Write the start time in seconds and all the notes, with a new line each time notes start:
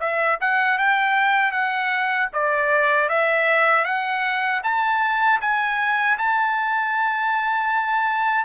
0.00 E5
0.41 F#5
0.78 G5
1.52 F#5
2.33 D5
3.09 E5
3.84 F#5
4.63 A5
5.41 G#5
6.18 A5